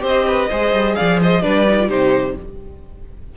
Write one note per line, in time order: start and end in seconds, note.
0.00 0.50 C4
0.00 0.47 G4
0.00 0.26 C5
0.08 0.96 D#5
0.28 0.50 B4
0.50 0.73 G#3
0.50 1.43 G#4
0.50 0.97 C5
0.73 0.97 G3
0.96 1.45 F3
0.96 1.20 D5
0.96 1.20 F5
1.22 1.43 C5
1.22 1.43 D#5
1.43 1.90 G3
1.43 1.66 D4
1.43 1.89 B4
1.43 1.90 D5
1.69 1.81 D#4
1.81 1.89 F4
1.89 2.37 C3
1.89 2.35 D#4
1.89 2.35 G4
1.89 2.37 C5